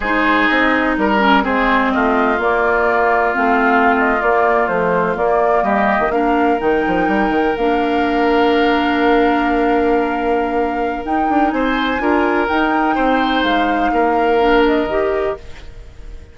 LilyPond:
<<
  \new Staff \with { instrumentName = "flute" } { \time 4/4 \tempo 4 = 125 c''4 dis''4 ais'4 c''4 | dis''4 d''2 f''4~ | f''16 dis''8 d''4 c''4 d''4 dis''16~ | dis''8. f''4 g''2 f''16~ |
f''1~ | f''2. g''4 | gis''2 g''2 | f''2~ f''8 dis''4. | }
  \new Staff \with { instrumentName = "oboe" } { \time 4/4 gis'2 ais'4 gis'4 | f'1~ | f'2.~ f'8. g'16~ | g'8. ais'2.~ ais'16~ |
ais'1~ | ais'1 | c''4 ais'2 c''4~ | c''4 ais'2. | }
  \new Staff \with { instrumentName = "clarinet" } { \time 4/4 dis'2~ dis'8 cis'8 c'4~ | c'4 ais2 c'4~ | c'8. ais4 f4 ais4~ ais16~ | ais8. d'4 dis'2 d'16~ |
d'1~ | d'2. dis'4~ | dis'4 f'4 dis'2~ | dis'2 d'4 g'4 | }
  \new Staff \with { instrumentName = "bassoon" } { \time 4/4 gis4 c'4 g4 gis4 | a4 ais2 a4~ | a8. ais4 a4 ais4 g16~ | g8 dis16 ais4 dis8 f8 g8 dis8 ais16~ |
ais1~ | ais2. dis'8 d'8 | c'4 d'4 dis'4 c'4 | gis4 ais2 dis4 | }
>>